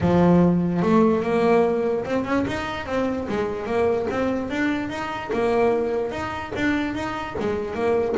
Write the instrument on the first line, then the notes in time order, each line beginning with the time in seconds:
double bass
0.00 F3
0.82 A3
1.22 A#3
2.04 C4
2.24 C#4
2.47 D#4
2.86 C4
3.28 G#3
3.65 A#3
4.10 C4
4.50 D4
4.89 D#4
5.32 A#3
6.11 D#4
6.55 D4
6.94 D#4
7.39 G#3
7.74 A#3